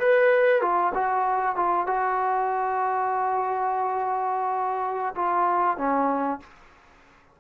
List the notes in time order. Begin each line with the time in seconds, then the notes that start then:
0.00 B4
0.62 F4
0.95 F#4
1.56 F4
1.87 F#4
5.16 F4
5.78 C#4